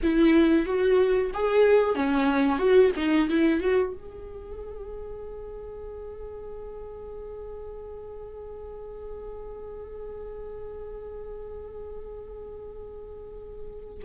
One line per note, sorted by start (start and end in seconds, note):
0.03 0.66 E4
0.66 1.31 F#4
1.33 1.95 G#4
1.95 2.58 C#4
2.58 2.91 F#4
2.96 3.28 D#4
3.29 3.60 E4
3.60 3.93 F#4
3.93 14.04 G#4